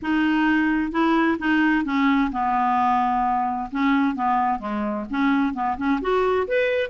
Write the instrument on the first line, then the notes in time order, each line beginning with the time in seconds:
clarinet
0.01 D#4
0.91 E4
1.38 D#4
1.84 C#4
2.31 B3
3.71 C#4
4.15 B3
4.59 G#3
5.09 C#4
5.53 B3
5.77 C#4
6.01 F#4
6.47 B4